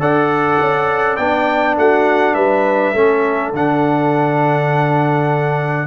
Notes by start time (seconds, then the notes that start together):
0.00 D4 A4 D5 F#5
0.60 C#4
1.17 B3 D4 G5
1.77 A3 F#4 F#5
2.35 G3 B4 E5
2.94 A3 C#4 A4
3.54 D3 D4 F#5